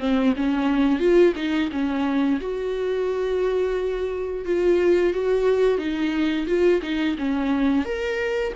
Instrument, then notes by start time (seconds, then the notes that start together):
viola
0.00 C4
0.37 C#4
1.00 F4
1.36 D#4
1.72 C#4
2.41 F#4
4.45 F4
5.14 F#4
5.78 D#4
6.47 F4
6.82 D#4
7.18 C#4
7.85 A#4